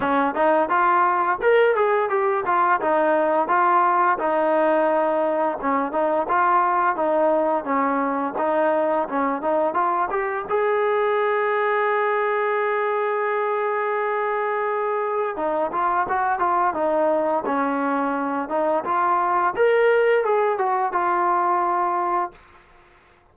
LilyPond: \new Staff \with { instrumentName = "trombone" } { \time 4/4 \tempo 4 = 86 cis'8 dis'8 f'4 ais'8 gis'8 g'8 f'8 | dis'4 f'4 dis'2 | cis'8 dis'8 f'4 dis'4 cis'4 | dis'4 cis'8 dis'8 f'8 g'8 gis'4~ |
gis'1~ | gis'2 dis'8 f'8 fis'8 f'8 | dis'4 cis'4. dis'8 f'4 | ais'4 gis'8 fis'8 f'2 | }